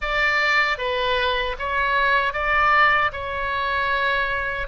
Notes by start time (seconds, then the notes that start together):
0.01 D5
0.78 B4
1.58 C#5
2.33 D5
3.12 C#5